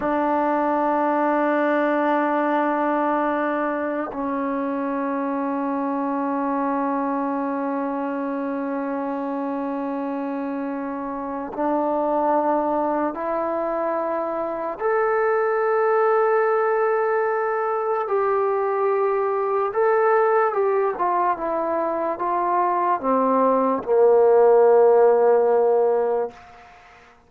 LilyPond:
\new Staff \with { instrumentName = "trombone" } { \time 4/4 \tempo 4 = 73 d'1~ | d'4 cis'2.~ | cis'1~ | cis'2 d'2 |
e'2 a'2~ | a'2 g'2 | a'4 g'8 f'8 e'4 f'4 | c'4 ais2. | }